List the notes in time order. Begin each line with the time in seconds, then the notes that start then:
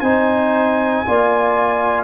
0.00 C4 D#4 C5 G#5
1.06 A#3 F4 D5